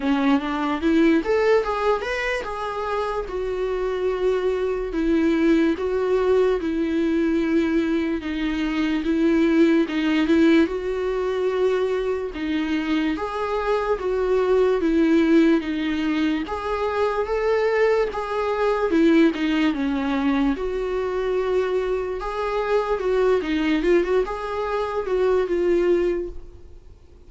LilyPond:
\new Staff \with { instrumentName = "viola" } { \time 4/4 \tempo 4 = 73 cis'8 d'8 e'8 a'8 gis'8 b'8 gis'4 | fis'2 e'4 fis'4 | e'2 dis'4 e'4 | dis'8 e'8 fis'2 dis'4 |
gis'4 fis'4 e'4 dis'4 | gis'4 a'4 gis'4 e'8 dis'8 | cis'4 fis'2 gis'4 | fis'8 dis'8 f'16 fis'16 gis'4 fis'8 f'4 | }